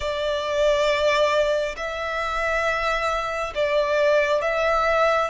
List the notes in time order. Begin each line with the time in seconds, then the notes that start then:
0.00 D5
1.76 E5
3.55 D5
4.41 E5